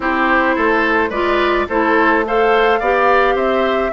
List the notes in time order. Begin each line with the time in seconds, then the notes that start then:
0.00 C4 E4 G4 C5
0.55 A3 A4
1.09 G#3 F4 B4 D5
1.68 A3 E4 A4 C5
2.25 A4 C5 F5
2.79 B3 G4 D5
3.34 C4 C5 E5